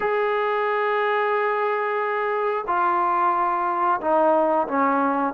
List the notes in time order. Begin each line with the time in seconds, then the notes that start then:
0.00 G#4
2.67 F4
4.00 D#4
4.67 C#4